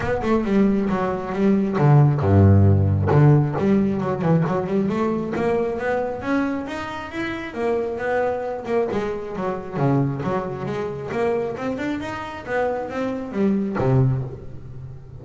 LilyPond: \new Staff \with { instrumentName = "double bass" } { \time 4/4 \tempo 4 = 135 b8 a8 g4 fis4 g4 | d4 g,2 d4 | g4 fis8 e8 fis8 g8 a4 | ais4 b4 cis'4 dis'4 |
e'4 ais4 b4. ais8 | gis4 fis4 cis4 fis4 | gis4 ais4 c'8 d'8 dis'4 | b4 c'4 g4 c4 | }